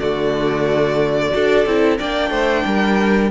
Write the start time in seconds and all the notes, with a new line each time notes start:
0.00 D3 A3 F#4 D5
1.31 D4 F#4 A4
1.66 C4 E4
1.99 A#3 D4 D5 G5
2.31 A3 C5
2.66 G3 A#4